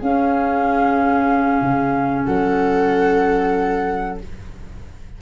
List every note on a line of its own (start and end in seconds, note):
0.00 4.19 C#4
0.00 1.62 C#4
0.00 2.26 G#4
0.00 2.25 F5
1.62 2.26 C#3
2.25 4.22 F#3
2.25 4.20 A4
2.25 4.18 F#5